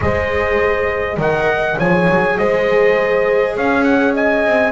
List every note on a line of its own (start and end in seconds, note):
0.00 1.17 G#3
0.00 1.19 G#4
0.00 1.17 C5
0.00 1.20 D#5
1.17 1.76 D#3
1.17 1.78 A#4
1.17 1.76 D#5
1.17 1.79 F#5
1.77 2.08 F3
1.77 4.72 G#4
1.77 2.36 C#5
1.77 2.38 G#5
2.09 2.39 F#3
2.38 3.57 G#3
2.38 3.56 C5
2.38 3.56 D#5
3.56 4.46 C#4
3.56 4.14 C#5
3.56 3.83 F5
3.83 4.13 F#5
4.14 4.72 D#5
4.14 4.72 G#5
4.46 4.72 C4